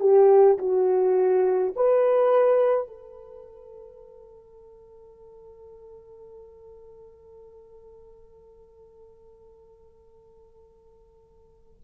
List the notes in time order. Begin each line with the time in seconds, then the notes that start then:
0.00 G4
0.59 F#4
1.76 B4
2.87 A4